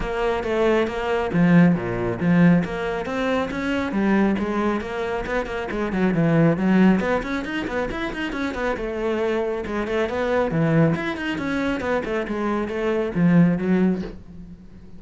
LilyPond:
\new Staff \with { instrumentName = "cello" } { \time 4/4 \tempo 4 = 137 ais4 a4 ais4 f4 | ais,4 f4 ais4 c'4 | cis'4 g4 gis4 ais4 | b8 ais8 gis8 fis8 e4 fis4 |
b8 cis'8 dis'8 b8 e'8 dis'8 cis'8 b8 | a2 gis8 a8 b4 | e4 e'8 dis'8 cis'4 b8 a8 | gis4 a4 f4 fis4 | }